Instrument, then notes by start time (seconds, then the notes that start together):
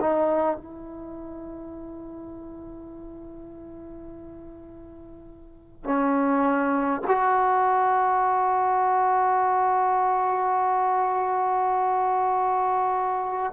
trombone
0.00 D#4
0.56 E4
5.83 C#4
7.07 F#4